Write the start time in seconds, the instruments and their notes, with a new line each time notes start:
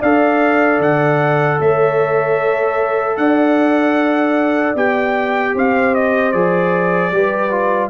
0.00 tuba D4, trombone A4, horn D5, trumpet F5
0.79 tuba D3, trumpet F#5
1.59 tuba A3, horn C#5, trumpet E5
3.17 tuba D4, horn D5, trumpet F#5
4.75 tuba B3, trombone G4, trumpet G5
5.54 tuba C4, horn C5, trumpet F5
5.94 trumpet D#5
6.32 tuba F3, trombone G#4, trumpet D5
7.11 tuba G3, trombone G4, horn B4
7.51 trombone F4